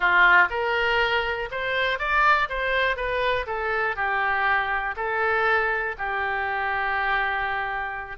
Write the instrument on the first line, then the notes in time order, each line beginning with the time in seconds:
oboe
0.00 F4
0.50 A#4
1.51 C5
1.98 D5
2.49 C5
2.96 B4
3.46 A4
3.95 G4
4.96 A4
5.98 G4